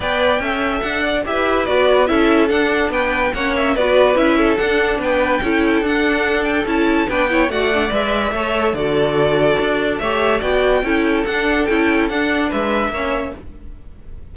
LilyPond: <<
  \new Staff \with { instrumentName = "violin" } { \time 4/4 \tempo 4 = 144 g''2 fis''4 e''4 | d''4 e''4 fis''4 g''4 | fis''8 e''8 d''4 e''4 fis''4 | g''2 fis''4. g''8 |
a''4 g''4 fis''4 e''4~ | e''4 d''2. | e''4 g''2 fis''4 | g''4 fis''4 e''2 | }
  \new Staff \with { instrumentName = "violin" } { \time 4/4 d''4 e''4. d''8 b'4~ | b'4 a'2 b'4 | cis''4 b'4. a'4. | b'4 a'2.~ |
a'4 b'8 cis''8 d''2 | cis''4 a'2. | cis''4 d''4 a'2~ | a'2 b'4 cis''4 | }
  \new Staff \with { instrumentName = "viola" } { \time 4/4 b'4 a'2 g'4 | fis'4 e'4 d'2 | cis'4 fis'4 e'4 d'4~ | d'4 e'4 d'2 |
e'4 d'8 e'8 fis'8 d'8 b'4 | a'4 fis'2. | g'4 fis'4 e'4 d'4 | e'4 d'2 cis'4 | }
  \new Staff \with { instrumentName = "cello" } { \time 4/4 b4 cis'4 d'4 e'4 | b4 cis'4 d'4 b4 | ais4 b4 cis'4 d'4 | b4 cis'4 d'2 |
cis'4 b4 a4 gis4 | a4 d2 d'4 | a4 b4 cis'4 d'4 | cis'4 d'4 gis4 ais4 | }
>>